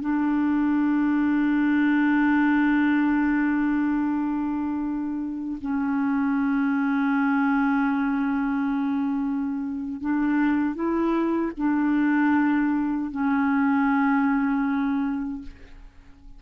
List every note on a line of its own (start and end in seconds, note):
0.00 5.58 D4
5.61 10.01 C#4
10.01 10.74 D4
10.74 11.51 E4
11.57 13.11 D4
13.11 15.42 C#4